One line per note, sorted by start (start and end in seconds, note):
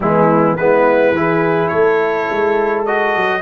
0.00 0.58 E3
0.00 0.57 G#3
0.00 0.59 B3
0.00 0.56 E4
0.56 1.11 G#3
0.56 1.15 B3
0.56 1.15 E4
0.56 1.67 B4
1.11 1.68 E3
1.11 2.87 E4
1.11 1.70 G#4
1.67 2.28 A3
1.67 3.41 A4
1.67 2.82 C#5
2.30 3.15 G#3
2.85 3.41 F#4
2.85 3.41 D#5
3.15 3.41 F#3